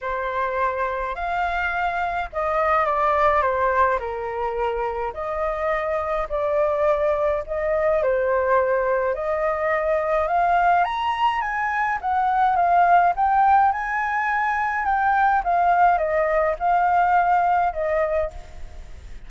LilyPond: \new Staff \with { instrumentName = "flute" } { \time 4/4 \tempo 4 = 105 c''2 f''2 | dis''4 d''4 c''4 ais'4~ | ais'4 dis''2 d''4~ | d''4 dis''4 c''2 |
dis''2 f''4 ais''4 | gis''4 fis''4 f''4 g''4 | gis''2 g''4 f''4 | dis''4 f''2 dis''4 | }